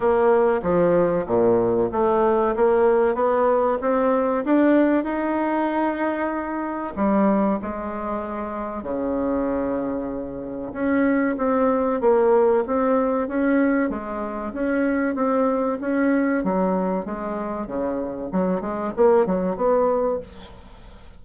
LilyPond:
\new Staff \with { instrumentName = "bassoon" } { \time 4/4 \tempo 4 = 95 ais4 f4 ais,4 a4 | ais4 b4 c'4 d'4 | dis'2. g4 | gis2 cis2~ |
cis4 cis'4 c'4 ais4 | c'4 cis'4 gis4 cis'4 | c'4 cis'4 fis4 gis4 | cis4 fis8 gis8 ais8 fis8 b4 | }